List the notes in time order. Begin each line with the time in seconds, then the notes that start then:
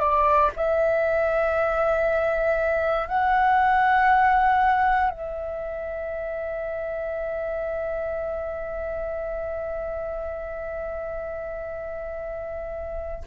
0.00 D5
0.57 E5
3.08 F#5
5.11 E5